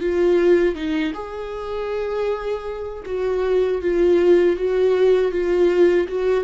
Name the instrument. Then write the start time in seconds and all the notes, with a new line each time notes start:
viola
0.00 F4
0.76 D#4
1.14 G#4
3.06 F#4
3.82 F4
4.57 F#4
5.32 F4
6.08 F#4